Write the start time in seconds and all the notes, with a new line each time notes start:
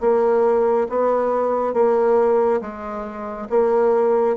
0.00 A#3
0.89 B3
1.73 A#3
2.60 G#3
3.49 A#3